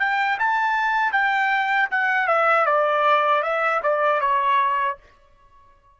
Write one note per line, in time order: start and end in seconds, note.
0.00 0.38 G5
0.39 1.12 A5
1.12 1.89 G5
1.91 2.28 F#5
2.28 2.66 E5
2.66 3.43 D5
3.43 3.81 E5
3.83 4.21 D5
4.21 4.98 C#5